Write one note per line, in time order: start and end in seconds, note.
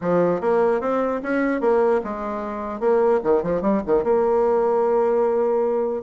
0.01 0.40 F3
0.40 0.81 A#3
0.81 1.21 C4
1.22 1.60 C#4
1.60 2.00 A#3
2.04 2.79 G#3
2.79 3.20 A#3
3.23 3.42 D#3
3.42 3.61 F3
3.61 3.81 G3
3.86 4.03 D#3
4.03 6.02 A#3